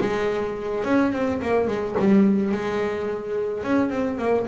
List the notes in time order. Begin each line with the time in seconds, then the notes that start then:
0.00 G#3
0.84 C#4
1.13 C4
1.42 A#3
1.68 G#3
1.99 G3
2.52 G#3
3.63 C#4
3.90 C4
4.18 A#3